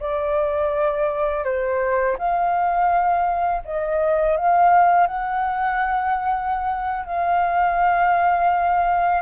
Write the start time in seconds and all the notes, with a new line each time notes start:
0.00 D5
1.45 C5
2.18 F5
3.65 D#5
4.37 F5
5.07 F#5
7.06 F5